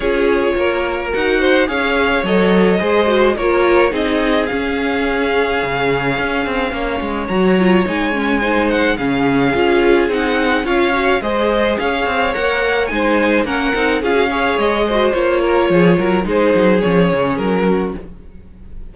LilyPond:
<<
  \new Staff \with { instrumentName = "violin" } { \time 4/4 \tempo 4 = 107 cis''2 fis''4 f''4 | dis''2 cis''4 dis''4 | f''1~ | f''4 ais''4 gis''4. fis''8 |
f''2 fis''4 f''4 | dis''4 f''4 fis''4 gis''4 | fis''4 f''4 dis''4 cis''4~ | cis''4 c''4 cis''4 ais'4 | }
  \new Staff \with { instrumentName = "violin" } { \time 4/4 gis'4 ais'4. c''8 cis''4~ | cis''4 c''4 ais'4 gis'4~ | gis'1 | cis''2. c''4 |
gis'2. cis''4 | c''4 cis''2 c''4 | ais'4 gis'8 cis''4 c''4 ais'8 | gis'8 ais'8 gis'2~ gis'8 fis'8 | }
  \new Staff \with { instrumentName = "viola" } { \time 4/4 f'2 fis'4 gis'4 | a'4 gis'8 fis'8 f'4 dis'4 | cis'1~ | cis'4 fis'8 f'8 dis'8 cis'8 dis'4 |
cis'4 f'4 dis'4 f'8 fis'8 | gis'2 ais'4 dis'4 | cis'8 dis'8 f'16 fis'16 gis'4 fis'8 f'4~ | f'4 dis'4 cis'2 | }
  \new Staff \with { instrumentName = "cello" } { \time 4/4 cis'4 ais4 dis'4 cis'4 | fis4 gis4 ais4 c'4 | cis'2 cis4 cis'8 c'8 | ais8 gis8 fis4 gis2 |
cis4 cis'4 c'4 cis'4 | gis4 cis'8 c'8 ais4 gis4 | ais8 c'8 cis'4 gis4 ais4 | f8 fis8 gis8 fis8 f8 cis8 fis4 | }
>>